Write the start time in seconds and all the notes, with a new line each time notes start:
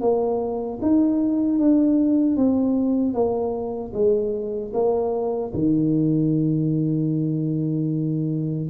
0.00 A#3
0.81 D#4
1.59 D4
2.36 C4
3.13 A#3
3.93 G#3
4.73 A#3
5.53 D#3